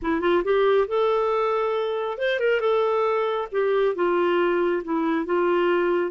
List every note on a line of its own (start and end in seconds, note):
0.01 0.21 E4
0.21 0.42 F4
0.44 0.87 G4
0.87 2.18 A4
2.18 2.39 C5
2.39 2.60 A#4
2.60 3.48 A4
3.51 3.95 G4
3.95 4.82 F4
4.84 5.25 E4
5.25 6.11 F4